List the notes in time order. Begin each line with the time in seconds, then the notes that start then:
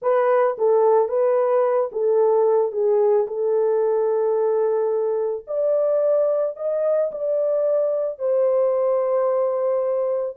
0.02 B4
0.58 A4
1.08 B4
1.91 A4
2.71 G#4
3.27 A4
5.47 D5
6.56 D#5
7.11 D5
8.18 C5